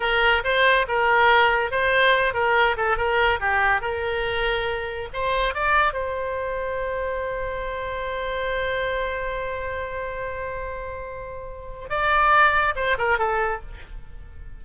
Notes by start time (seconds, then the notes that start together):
0.00 A#4
0.44 C5
0.88 A#4
1.71 C5
2.33 A#4
2.77 A4
2.97 A#4
3.40 G4
3.81 A#4
5.13 C5
5.54 D5
5.93 C5
11.89 D5
12.75 C5
12.97 A#4
13.18 A4